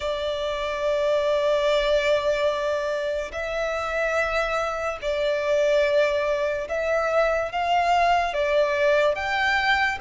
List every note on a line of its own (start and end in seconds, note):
0.00 3.31 D5
3.31 4.98 E5
5.01 6.68 D5
6.68 7.52 E5
7.52 8.33 F5
8.33 9.15 D5
9.15 9.98 G5